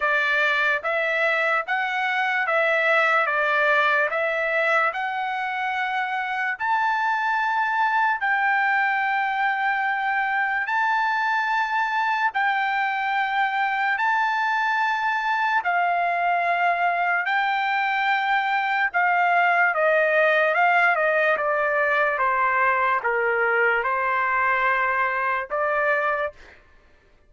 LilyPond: \new Staff \with { instrumentName = "trumpet" } { \time 4/4 \tempo 4 = 73 d''4 e''4 fis''4 e''4 | d''4 e''4 fis''2 | a''2 g''2~ | g''4 a''2 g''4~ |
g''4 a''2 f''4~ | f''4 g''2 f''4 | dis''4 f''8 dis''8 d''4 c''4 | ais'4 c''2 d''4 | }